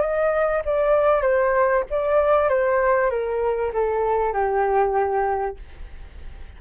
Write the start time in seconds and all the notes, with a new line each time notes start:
0.00 D#5
0.64 D5
1.21 C5
1.90 D5
2.49 C5
3.10 A#4
3.73 A4
4.33 G4